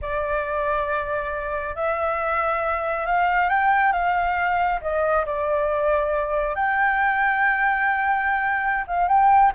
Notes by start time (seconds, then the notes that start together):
0.01 D5
1.75 E5
3.06 F5
3.49 G5
3.92 F5
4.81 D#5
5.25 D5
6.55 G5
8.87 F5
9.08 G5